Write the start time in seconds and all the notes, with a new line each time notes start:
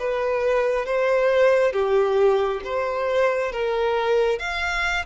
0.00 B4
0.86 C5
1.73 G4
2.65 C5
3.53 A#4
4.40 F5